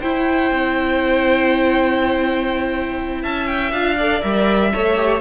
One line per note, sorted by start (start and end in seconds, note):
0.00 0.51 E4
0.00 3.72 E4
0.00 3.21 C5
0.00 3.23 G5
0.51 3.23 C4
3.21 3.72 C#4
3.21 3.96 E5
3.21 3.47 A5
3.47 3.71 G5
3.72 4.21 D4
3.72 3.97 F4
3.72 4.21 F5
3.96 4.22 A4
3.96 4.71 D5
4.21 4.73 G3
4.21 4.71 A#4
4.21 5.20 E5
4.73 5.20 A3
4.73 4.96 A4
4.73 5.20 C#5
4.96 5.20 G4